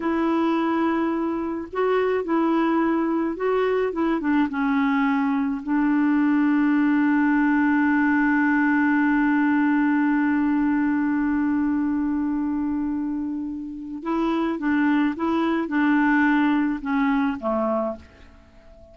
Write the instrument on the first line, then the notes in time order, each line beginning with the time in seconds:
clarinet
0.00 E4
1.72 F#4
2.24 E4
3.36 F#4
3.92 E4
4.20 D4
4.49 C#4
5.63 D4
14.02 E4
14.58 D4
15.16 E4
15.67 D4
16.81 C#4
17.40 A3